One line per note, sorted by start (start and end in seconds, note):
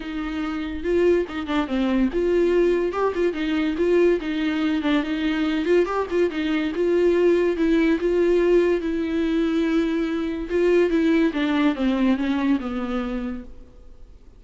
0.00 0.83 D#4
0.83 1.25 F4
1.28 1.47 D#4
1.47 1.67 D4
1.67 2.09 C4
2.12 2.92 F4
2.92 3.13 G4
3.14 3.33 F4
3.33 3.75 D#4
3.77 4.19 F4
4.20 4.82 D#4
4.82 5.03 D4
5.03 5.65 D#4
5.65 5.85 F4
5.85 6.06 G4
6.10 6.30 F4
6.30 6.72 D#4
6.75 7.56 F4
7.56 7.98 E4
7.99 8.80 F4
8.80 10.48 E4
10.49 10.90 F4
10.90 11.32 E4
11.33 11.75 D4
11.75 12.16 C4
12.16 12.58 C#4
12.60 13.44 B3